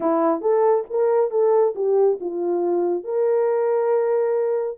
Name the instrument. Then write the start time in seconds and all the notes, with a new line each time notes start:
horn
0.00 E4
0.41 A4
0.90 A#4
1.30 A4
1.75 G4
2.20 F4
3.04 A#4